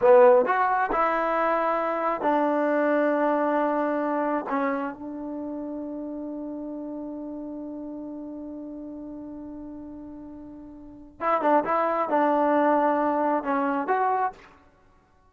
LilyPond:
\new Staff \with { instrumentName = "trombone" } { \time 4/4 \tempo 4 = 134 b4 fis'4 e'2~ | e'4 d'2.~ | d'2 cis'4 d'4~ | d'1~ |
d'1~ | d'1~ | d'4 e'8 d'8 e'4 d'4~ | d'2 cis'4 fis'4 | }